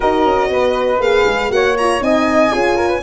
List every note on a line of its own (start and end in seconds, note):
0.00 0.25 D#4
0.00 0.99 F#4
0.00 0.49 A#4
0.00 1.01 D#5
0.25 0.49 C#4
0.49 0.99 B3
0.49 1.52 B4
0.99 1.24 A#3
0.99 1.49 G#4
0.99 1.51 F5
1.26 1.51 G#3
1.49 2.01 A#3
1.49 1.75 F#4
1.49 2.04 C#5
1.49 1.76 F#5
1.77 1.99 F4
1.77 2.02 A#5
1.99 2.51 C4
1.99 2.50 D#4
1.99 2.52 D#5
1.99 3.03 G#5
2.50 3.03 C#4
2.50 3.00 F4
2.50 2.75 G#4
2.75 2.87 A#4
2.87 3.00 B4